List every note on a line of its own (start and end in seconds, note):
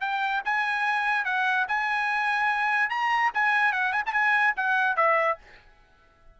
0.00 0.41 G5
0.45 1.24 G#5
1.24 1.66 F#5
1.68 2.89 G#5
2.89 3.31 A#5
3.34 3.72 G#5
3.72 3.92 F#5
3.92 4.02 G#5
4.06 4.12 A5
4.12 4.53 G#5
4.56 4.96 F#5
4.96 5.38 E5